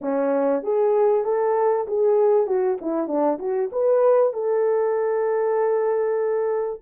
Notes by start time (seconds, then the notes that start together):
0.01 C#4
0.62 G#4
1.24 A4
1.87 G#4
2.47 F#4
2.81 E4
3.07 D4
3.39 F#4
3.72 B4
4.33 A4